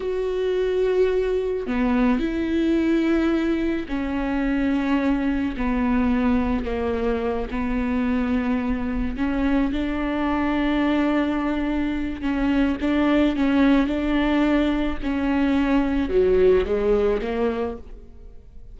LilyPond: \new Staff \with { instrumentName = "viola" } { \time 4/4 \tempo 4 = 108 fis'2. b4 | e'2. cis'4~ | cis'2 b2 | ais4. b2~ b8~ |
b8 cis'4 d'2~ d'8~ | d'2 cis'4 d'4 | cis'4 d'2 cis'4~ | cis'4 fis4 gis4 ais4 | }